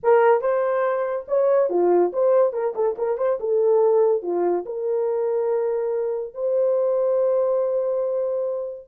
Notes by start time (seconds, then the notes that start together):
0.03 A#4
0.41 C5
1.28 C#5
1.69 F4
2.12 C5
2.53 A#4
2.75 A4
2.98 A#4
3.17 C5
3.40 A4
4.22 F4
4.65 A#4
6.34 C5